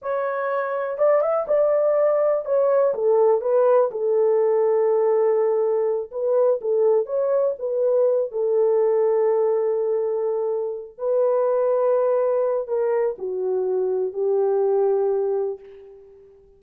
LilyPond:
\new Staff \with { instrumentName = "horn" } { \time 4/4 \tempo 4 = 123 cis''2 d''8 e''8 d''4~ | d''4 cis''4 a'4 b'4 | a'1~ | a'8 b'4 a'4 cis''4 b'8~ |
b'4 a'2.~ | a'2~ a'8 b'4.~ | b'2 ais'4 fis'4~ | fis'4 g'2. | }